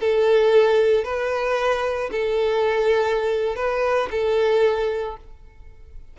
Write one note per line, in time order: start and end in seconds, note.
0.00 1.04 A4
1.04 2.10 B4
2.11 3.56 A4
3.56 4.09 B4
4.11 5.17 A4